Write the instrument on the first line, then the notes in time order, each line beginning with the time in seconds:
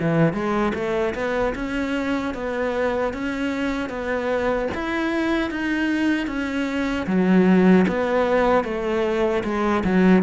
cello
0.00 E3
0.33 G#3
0.74 A3
1.14 B3
1.55 C#4
2.34 B3
3.13 C#4
3.89 B3
4.74 E4
5.50 D#4
6.27 C#4
7.07 F#3
7.87 B3
8.64 A3
9.43 G#3
9.84 F#3